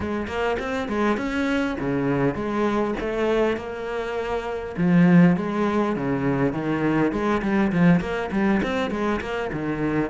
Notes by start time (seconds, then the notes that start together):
0.00 G#3
0.27 A#3
0.59 C4
0.88 G#3
1.17 C#4
1.80 C#3
2.34 G#3
3.00 A3
3.56 A#3
4.77 F3
5.36 G#3
5.95 C#3
6.52 D#3
7.12 G#3
7.41 G3
7.71 F3
8.00 A#3
8.31 G3
8.62 C4
8.91 G#3
9.21 A#3
9.52 D#3